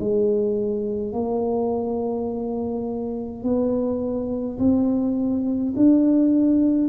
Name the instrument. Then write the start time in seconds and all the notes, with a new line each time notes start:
tuba
0.00 G#3
1.13 A#3
3.44 B3
4.59 C4
5.77 D4